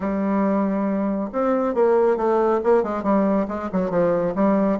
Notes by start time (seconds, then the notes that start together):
0.00 G3
1.32 C4
1.74 A#3
2.16 A3
2.63 A#3
2.83 G#3
3.03 G3
3.48 G#3
3.72 F#3
3.90 F3
4.35 G3